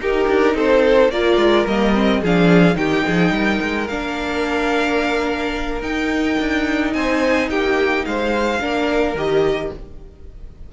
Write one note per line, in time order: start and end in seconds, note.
0.00 0.28 D#4
0.00 1.12 D#4
0.00 0.57 G4
0.00 0.57 A#4
0.29 0.55 D4
0.55 1.10 C4
0.55 1.12 A4
0.55 1.11 C5
1.10 1.37 A#3
1.10 1.68 F4
1.10 2.21 A#4
1.10 1.67 D5
1.37 1.65 G#3
1.67 2.23 G3
1.67 1.95 A#3
1.67 2.23 D#5
1.95 2.23 C4
2.21 2.76 F3
2.21 2.75 D4
2.21 2.77 G#4
2.21 2.77 F5
2.75 3.03 D#3
2.75 3.86 D#4
2.75 3.06 G4
2.75 3.88 G5
3.06 3.31 F3
3.06 3.34 G#4
3.31 3.59 G3
3.31 6.96 A#4
3.62 3.90 G#3
3.88 5.82 A#3
3.88 5.83 D4
3.88 5.83 F5
5.82 6.37 D#4
5.82 8.60 D#4
5.82 6.94 G5
6.40 6.95 D4
6.94 7.50 C4
6.94 7.51 C5
6.94 7.49 G#5
7.50 8.05 A#3
7.50 8.06 G4
7.50 8.06 G5
8.06 8.61 G#3
8.06 8.61 C5
8.06 9.17 F5
8.61 9.15 A#3
8.61 9.16 D4
8.61 9.72 A#4
9.15 9.70 D#3
9.15 9.73 G4
9.15 9.74 D#5